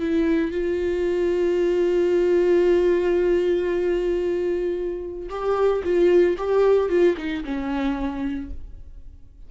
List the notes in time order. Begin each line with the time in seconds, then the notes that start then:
0.00 E4
0.52 F4
5.30 G4
5.84 F4
6.38 G4
6.90 F4
7.18 D#4
7.45 C#4